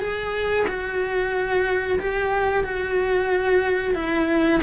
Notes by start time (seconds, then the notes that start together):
0.00 G#4
0.67 F#4
1.99 G4
2.64 F#4
3.95 E4